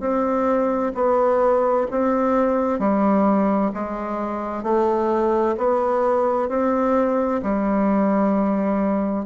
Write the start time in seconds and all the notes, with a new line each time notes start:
0.00 C4
0.94 B3
1.91 C4
2.79 G3
3.74 G#3
4.63 A3
5.58 B3
6.49 C4
7.42 G3